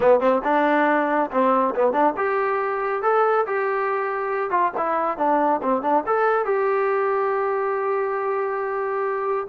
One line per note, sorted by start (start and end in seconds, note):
0.00 0.19 B3
0.19 0.41 C4
0.44 1.30 D4
1.31 1.74 C4
1.75 1.92 B3
1.92 2.14 D4
2.16 3.02 G4
3.02 3.45 A4
3.46 4.50 G4
4.50 4.71 F4
4.77 5.17 E4
5.17 5.60 D4
5.62 5.82 C4
5.82 6.03 D4
6.06 6.45 A4
6.45 9.47 G4